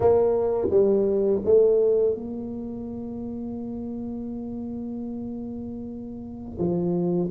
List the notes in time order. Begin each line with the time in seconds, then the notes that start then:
0.00 A#3
0.70 G3
1.44 A3
2.14 A#3
6.58 F3